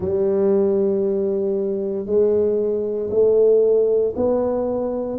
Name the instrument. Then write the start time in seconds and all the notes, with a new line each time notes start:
tuba
0.00 G3
2.05 G#3
3.10 A3
4.16 B3